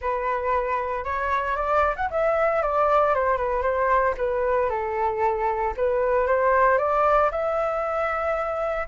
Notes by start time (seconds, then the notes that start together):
0.01 B4
1.04 C#5
1.56 D5
1.96 F#5
2.10 E5
2.62 D5
3.14 C5
3.37 B4
3.62 C5
4.17 B4
4.69 A4
5.76 B4
6.26 C5
6.78 D5
7.31 E5